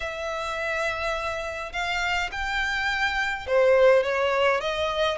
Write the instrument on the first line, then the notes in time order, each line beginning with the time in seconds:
violin
0.00 E5
1.72 F5
2.31 G5
3.46 C5
4.03 C#5
4.60 D#5